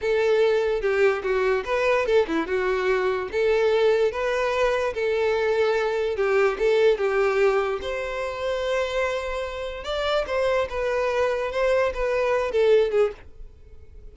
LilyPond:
\new Staff \with { instrumentName = "violin" } { \time 4/4 \tempo 4 = 146 a'2 g'4 fis'4 | b'4 a'8 e'8 fis'2 | a'2 b'2 | a'2. g'4 |
a'4 g'2 c''4~ | c''1 | d''4 c''4 b'2 | c''4 b'4. a'4 gis'8 | }